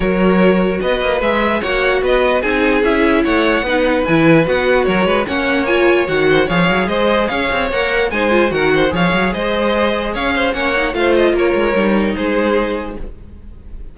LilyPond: <<
  \new Staff \with { instrumentName = "violin" } { \time 4/4 \tempo 4 = 148 cis''2 dis''4 e''4 | fis''4 dis''4 gis''4 e''4 | fis''2 gis''4 fis''4 | cis''4 fis''4 gis''4 fis''4 |
f''4 dis''4 f''4 fis''4 | gis''4 fis''4 f''4 dis''4~ | dis''4 f''4 fis''4 f''8 dis''8 | cis''2 c''2 | }
  \new Staff \with { instrumentName = "violin" } { \time 4/4 ais'2 b'2 | cis''4 b'4 gis'2 | cis''4 b'2. | ais'8 b'8 cis''2~ cis''8 c''8 |
cis''4 c''4 cis''2 | c''4 ais'8 c''8 cis''4 c''4~ | c''4 cis''8 c''8 cis''4 c''4 | ais'2 gis'2 | }
  \new Staff \with { instrumentName = "viola" } { \time 4/4 fis'2. gis'4 | fis'2 dis'4 e'4~ | e'4 dis'4 e'4 fis'4~ | fis'4 cis'4 f'4 fis'4 |
gis'2. ais'4 | dis'8 f'8 fis'4 gis'2~ | gis'2 cis'8 dis'8 f'4~ | f'4 dis'2. | }
  \new Staff \with { instrumentName = "cello" } { \time 4/4 fis2 b8 ais8 gis4 | ais4 b4 c'4 cis'4 | a4 b4 e4 b4 | fis8 gis8 ais2 dis4 |
f8 fis8 gis4 cis'8 c'8 ais4 | gis4 dis4 f8 fis8 gis4~ | gis4 cis'4 ais4 a4 | ais8 gis8 g4 gis2 | }
>>